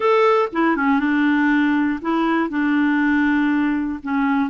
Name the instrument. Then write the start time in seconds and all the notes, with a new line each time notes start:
clarinet
0.00 A4
0.52 E4
0.76 C#4
0.99 D4
2.01 E4
2.49 D4
4.02 C#4